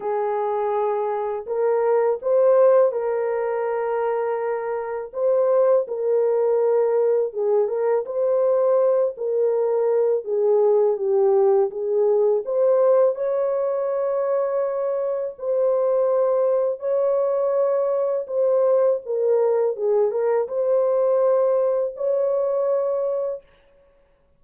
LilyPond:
\new Staff \with { instrumentName = "horn" } { \time 4/4 \tempo 4 = 82 gis'2 ais'4 c''4 | ais'2. c''4 | ais'2 gis'8 ais'8 c''4~ | c''8 ais'4. gis'4 g'4 |
gis'4 c''4 cis''2~ | cis''4 c''2 cis''4~ | cis''4 c''4 ais'4 gis'8 ais'8 | c''2 cis''2 | }